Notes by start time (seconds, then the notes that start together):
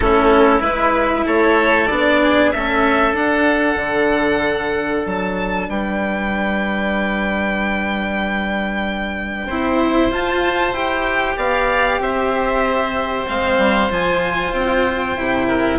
0.00 A3 C#4 E4 A4
0.60 G#3 E4 B4
1.25 A3 A4 C#5
1.87 B3 D4 D5
2.22 G#4
2.51 A3 C#4 A4 E5
3.13 D4 F#5
3.76 D3
5.06 F#3 A5
5.68 G3 B4 G5
9.47 C4 E4 C5
10.10 F4 A5
10.72 E4 G4 G5
11.36 B3 D5 F5
11.99 C4 C5 E5
13.26 G#3 C4 F5
13.57 G3
13.90 F3 F4 G#5
14.52 C4 G5
15.16 C3 E4
15.48 A#4